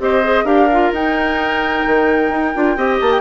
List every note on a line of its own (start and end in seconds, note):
0.00 0.44 C4
0.00 0.23 G4
0.00 0.45 C5
0.00 0.46 D#5
0.24 0.45 G#4
0.44 0.91 D4
0.44 0.69 G4
0.44 2.76 A#4
0.44 0.92 F5
0.72 0.95 F4
0.92 1.84 D#4
0.92 2.55 D#4
0.92 3.01 G5
1.86 2.30 D#3
2.30 2.53 D#4
2.55 2.77 D4
2.55 2.77 F4
2.77 3.00 C4
2.77 3.21 G4
2.77 3.21 D#5
3.01 3.21 A#3
3.01 3.12 A5
3.12 3.21 G5